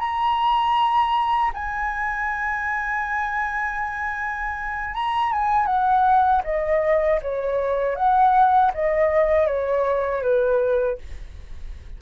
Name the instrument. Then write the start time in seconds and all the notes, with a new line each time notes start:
flute
0.00 A#5
1.54 G#5
4.95 A#5
5.32 G#5
5.67 F#5
6.45 D#5
7.23 C#5
7.96 F#5
8.75 D#5
9.47 C#5
10.23 B4